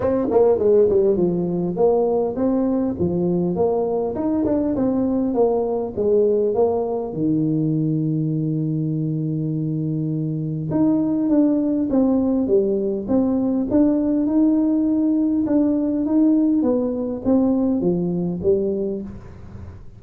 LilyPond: \new Staff \with { instrumentName = "tuba" } { \time 4/4 \tempo 4 = 101 c'8 ais8 gis8 g8 f4 ais4 | c'4 f4 ais4 dis'8 d'8 | c'4 ais4 gis4 ais4 | dis1~ |
dis2 dis'4 d'4 | c'4 g4 c'4 d'4 | dis'2 d'4 dis'4 | b4 c'4 f4 g4 | }